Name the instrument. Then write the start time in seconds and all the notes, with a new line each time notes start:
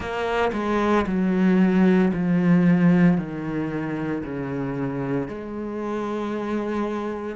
cello
0.00 A#3
0.53 G#3
1.06 F#3
2.13 F3
3.17 D#3
4.23 C#3
5.27 G#3